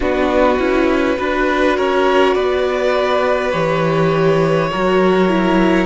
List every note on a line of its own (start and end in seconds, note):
0.00 0.59 B3
0.00 0.58 D4
0.00 1.17 F#4
0.00 1.77 B4
0.58 1.17 C#4
0.58 1.16 E4
1.16 1.77 D4
1.16 3.51 F#4
1.16 1.76 B4
1.76 2.36 C#4
1.76 2.34 A#4
1.76 2.34 C#5
2.34 3.53 B3
2.34 4.69 B4
2.34 3.51 D5
3.51 4.71 E3
3.51 4.69 G4
3.51 5.86 C#5
4.71 5.86 F#3
4.71 5.28 F#4
4.71 5.86 A#4
5.28 5.86 E4